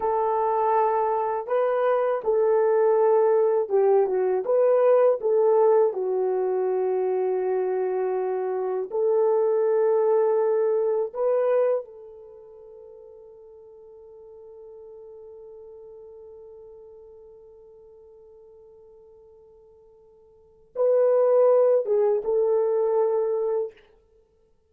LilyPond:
\new Staff \with { instrumentName = "horn" } { \time 4/4 \tempo 4 = 81 a'2 b'4 a'4~ | a'4 g'8 fis'8 b'4 a'4 | fis'1 | a'2. b'4 |
a'1~ | a'1~ | a'1 | b'4. gis'8 a'2 | }